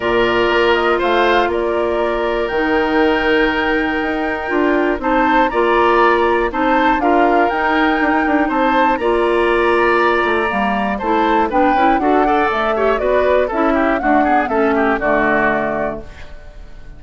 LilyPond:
<<
  \new Staff \with { instrumentName = "flute" } { \time 4/4 \tempo 4 = 120 d''4. dis''8 f''4 d''4~ | d''4 g''2.~ | g''2 a''4 ais''4~ | ais''4 a''4 f''4 g''4~ |
g''4 a''4 ais''2~ | ais''2 a''4 g''4 | fis''4 e''4 d''4 e''4 | fis''4 e''4 d''2 | }
  \new Staff \with { instrumentName = "oboe" } { \time 4/4 ais'2 c''4 ais'4~ | ais'1~ | ais'2 c''4 d''4~ | d''4 c''4 ais'2~ |
ais'4 c''4 d''2~ | d''2 c''4 b'4 | a'8 d''4 cis''8 b'4 a'8 g'8 | fis'8 gis'8 a'8 g'8 fis'2 | }
  \new Staff \with { instrumentName = "clarinet" } { \time 4/4 f'1~ | f'4 dis'2.~ | dis'4 f'4 dis'4 f'4~ | f'4 dis'4 f'4 dis'4~ |
dis'2 f'2~ | f'4 ais4 e'4 d'8 e'8 | fis'8 a'4 g'8 fis'4 e'4 | a8 b8 cis'4 a2 | }
  \new Staff \with { instrumentName = "bassoon" } { \time 4/4 ais,4 ais4 a4 ais4~ | ais4 dis2. | dis'4 d'4 c'4 ais4~ | ais4 c'4 d'4 dis'4 |
d'16 dis'16 d'8 c'4 ais2~ | ais8 a8 g4 a4 b8 cis'8 | d'4 a4 b4 cis'4 | d'4 a4 d2 | }
>>